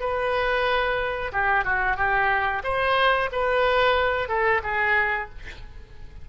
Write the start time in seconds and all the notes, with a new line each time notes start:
0.00 B4
1.32 G4
1.64 F#4
1.96 G4
2.64 C5
3.32 B4
4.28 A4
4.63 G#4